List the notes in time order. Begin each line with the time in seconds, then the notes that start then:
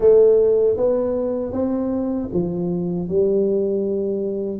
0.00 A3
0.77 B3
1.52 C4
2.33 F3
3.08 G3